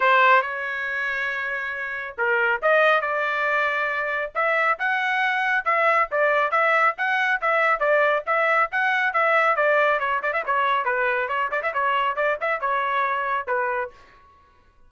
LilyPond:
\new Staff \with { instrumentName = "trumpet" } { \time 4/4 \tempo 4 = 138 c''4 cis''2.~ | cis''4 ais'4 dis''4 d''4~ | d''2 e''4 fis''4~ | fis''4 e''4 d''4 e''4 |
fis''4 e''4 d''4 e''4 | fis''4 e''4 d''4 cis''8 d''16 e''16 | cis''4 b'4 cis''8 d''16 e''16 cis''4 | d''8 e''8 cis''2 b'4 | }